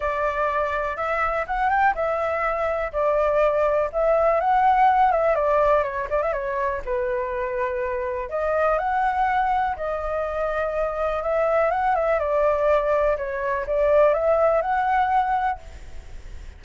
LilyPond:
\new Staff \with { instrumentName = "flute" } { \time 4/4 \tempo 4 = 123 d''2 e''4 fis''8 g''8 | e''2 d''2 | e''4 fis''4. e''8 d''4 | cis''8 d''16 e''16 cis''4 b'2~ |
b'4 dis''4 fis''2 | dis''2. e''4 | fis''8 e''8 d''2 cis''4 | d''4 e''4 fis''2 | }